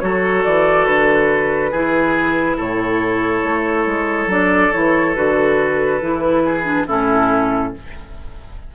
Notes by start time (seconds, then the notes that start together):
0.00 F#3 F#4 A4 C#5
0.45 E3 D5
0.86 D3 B4
1.71 E3 E4 G#4
2.58 A2 A4 C#5
3.44 A3
3.86 G#3
4.27 F#3 D4 D5
4.72 E3 E4 C#5
5.16 D3 F#4 B4
6.02 E3 E4
6.45 G#4
6.65 D4
6.87 A2 C#4 E4 A4